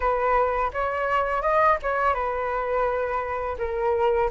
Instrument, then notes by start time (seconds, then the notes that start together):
flute
0.00 B4
0.73 C#5
1.42 D#5
1.82 C#5
2.14 B4
3.58 A#4